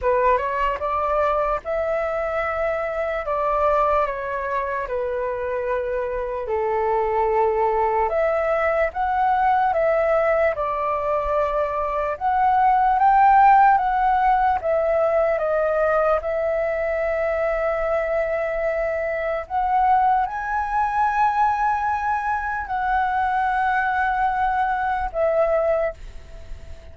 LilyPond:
\new Staff \with { instrumentName = "flute" } { \time 4/4 \tempo 4 = 74 b'8 cis''8 d''4 e''2 | d''4 cis''4 b'2 | a'2 e''4 fis''4 | e''4 d''2 fis''4 |
g''4 fis''4 e''4 dis''4 | e''1 | fis''4 gis''2. | fis''2. e''4 | }